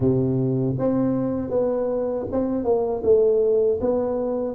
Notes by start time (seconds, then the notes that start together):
0.00 C3
0.78 C4
1.50 B3
2.31 C4
2.64 A#3
3.03 A3
3.80 B3